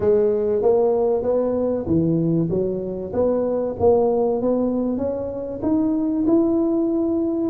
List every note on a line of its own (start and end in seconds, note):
0.00 0.62 G#3
0.62 1.22 A#3
1.22 1.85 B3
1.86 2.49 E3
2.50 3.12 F#3
3.13 3.75 B3
3.79 4.41 A#3
4.41 4.97 B3
4.97 5.60 C#4
5.62 6.25 D#4
6.26 7.50 E4